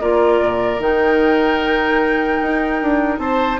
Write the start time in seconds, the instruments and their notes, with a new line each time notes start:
0.00 bassoon A#3, clarinet F4, oboe A#4, flute D5
0.41 bassoon A#2
0.79 bassoon D#3, clarinet D#4, flute G5
2.42 bassoon D#4
2.82 bassoon D4
3.18 bassoon C4, oboe C5, flute A5